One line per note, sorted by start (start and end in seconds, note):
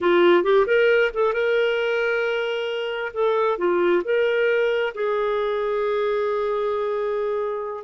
0.00 0.43 F4
0.43 0.66 G4
0.66 1.11 A#4
1.13 1.33 A4
1.33 3.12 A#4
3.13 3.57 A4
3.57 4.02 F4
4.04 4.93 A#4
4.94 7.83 G#4